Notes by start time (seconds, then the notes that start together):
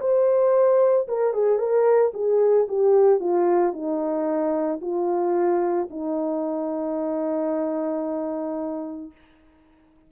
0.00 C5
1.08 A#4
1.33 G#4
1.58 A#4
2.13 G#4
2.68 G4
3.19 F4
3.73 D#4
4.81 F4
5.90 D#4